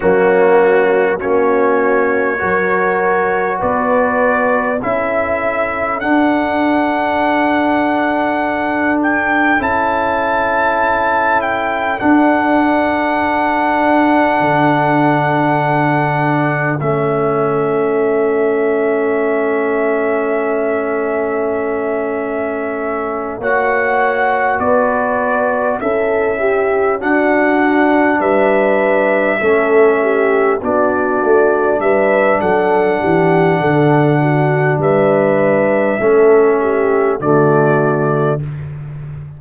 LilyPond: <<
  \new Staff \with { instrumentName = "trumpet" } { \time 4/4 \tempo 4 = 50 fis'4 cis''2 d''4 | e''4 fis''2~ fis''8 g''8 | a''4. g''8 fis''2~ | fis''2 e''2~ |
e''2.~ e''8 fis''8~ | fis''8 d''4 e''4 fis''4 e''8~ | e''4. d''4 e''8 fis''4~ | fis''4 e''2 d''4 | }
  \new Staff \with { instrumentName = "horn" } { \time 4/4 cis'4 fis'4 ais'4 b'4 | a'1~ | a'1~ | a'1~ |
a'2.~ a'8 cis''8~ | cis''8 b'4 a'8 g'8 fis'4 b'8~ | b'8 a'8 g'8 fis'4 b'8 a'8 g'8 | a'8 fis'8 b'4 a'8 g'8 fis'4 | }
  \new Staff \with { instrumentName = "trombone" } { \time 4/4 ais4 cis'4 fis'2 | e'4 d'2. | e'2 d'2~ | d'2 cis'2~ |
cis'2.~ cis'8 fis'8~ | fis'4. e'4 d'4.~ | d'8 cis'4 d'2~ d'8~ | d'2 cis'4 a4 | }
  \new Staff \with { instrumentName = "tuba" } { \time 4/4 fis4 ais4 fis4 b4 | cis'4 d'2. | cis'2 d'2 | d2 a2~ |
a2.~ a8 ais8~ | ais8 b4 cis'4 d'4 g8~ | g8 a4 b8 a8 g8 fis8 e8 | d4 g4 a4 d4 | }
>>